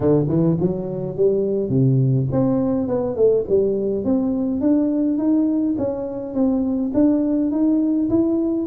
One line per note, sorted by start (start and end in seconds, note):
0.00 0.27 D3
0.28 0.57 E3
0.60 1.16 F#3
1.16 1.69 G3
1.69 2.27 C3
2.31 2.87 C4
2.87 3.15 B3
3.15 3.44 A3
3.48 4.04 G3
4.04 4.60 C4
4.60 5.18 D4
5.18 5.75 D#4
5.77 6.33 C#4
6.33 6.91 C4
6.94 7.51 D4
7.51 8.09 D#4
8.09 8.66 E4